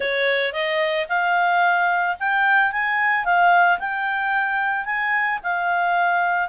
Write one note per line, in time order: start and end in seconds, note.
0.00 0.52 C#5
0.52 1.06 D#5
1.08 2.16 F5
2.19 2.71 G5
2.71 3.24 G#5
3.24 3.78 F5
3.79 4.85 G5
4.85 5.39 G#5
5.43 6.48 F5